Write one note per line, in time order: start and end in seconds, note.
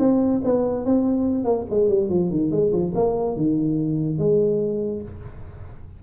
0.00 0.42 C4
0.44 0.86 B3
0.86 1.45 C4
1.45 1.66 A#3
1.71 1.90 G#3
1.90 2.10 G3
2.10 2.31 F3
2.31 2.52 D#3
2.52 2.73 G#3
2.73 2.94 F3
2.95 3.37 A#3
3.37 4.19 D#3
4.19 5.02 G#3